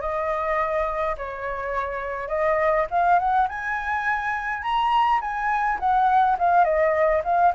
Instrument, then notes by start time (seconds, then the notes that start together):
flute
0.00 D#5
1.17 C#5
2.28 D#5
2.90 F5
3.18 F#5
3.48 G#5
4.62 A#5
5.21 G#5
5.79 F#5
6.38 F5
6.64 D#5
7.24 F5